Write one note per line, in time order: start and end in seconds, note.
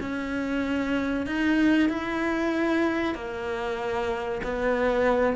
0.00 1.26 C#4
1.26 1.89 D#4
1.89 3.14 E4
3.14 4.41 A#3
4.43 5.35 B3